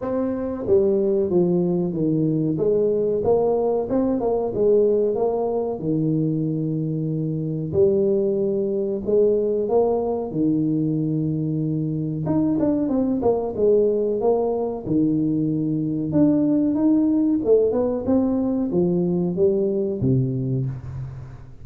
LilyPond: \new Staff \with { instrumentName = "tuba" } { \time 4/4 \tempo 4 = 93 c'4 g4 f4 dis4 | gis4 ais4 c'8 ais8 gis4 | ais4 dis2. | g2 gis4 ais4 |
dis2. dis'8 d'8 | c'8 ais8 gis4 ais4 dis4~ | dis4 d'4 dis'4 a8 b8 | c'4 f4 g4 c4 | }